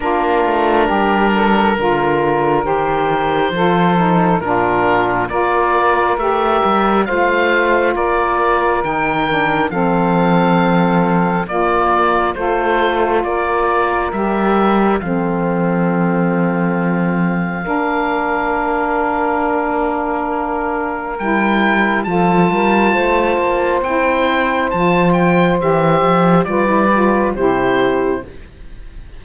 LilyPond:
<<
  \new Staff \with { instrumentName = "oboe" } { \time 4/4 \tempo 4 = 68 ais'2. c''4~ | c''4 ais'4 d''4 e''4 | f''4 d''4 g''4 f''4~ | f''4 d''4 c''4 d''4 |
e''4 f''2.~ | f''1 | g''4 a''2 g''4 | a''8 g''8 e''4 d''4 c''4 | }
  \new Staff \with { instrumentName = "saxophone" } { \time 4/4 f'4 g'8 a'8 ais'2 | a'4 f'4 ais'2 | c''4 ais'2 a'4~ | a'4 f'4 a'4 ais'4~ |
ais'4 a'2. | ais'1~ | ais'4 a'8 ais'8 c''2~ | c''2 b'4 g'4 | }
  \new Staff \with { instrumentName = "saxophone" } { \time 4/4 d'2 f'4 g'4 | f'8 dis'8 d'4 f'4 g'4 | f'2 dis'8 d'8 c'4~ | c'4 ais4 f'2 |
g'4 c'2. | d'1 | e'4 f'2 e'4 | f'4 g'4 f'16 e'16 f'8 e'4 | }
  \new Staff \with { instrumentName = "cello" } { \time 4/4 ais8 a8 g4 d4 dis4 | f4 ais,4 ais4 a8 g8 | a4 ais4 dis4 f4~ | f4 ais4 a4 ais4 |
g4 f2. | ais1 | g4 f8 g8 a8 ais8 c'4 | f4 e8 f8 g4 c4 | }
>>